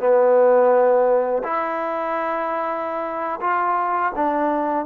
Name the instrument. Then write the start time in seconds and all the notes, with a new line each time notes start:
trombone
0.00 B3
1.44 E4
3.41 F4
4.16 D4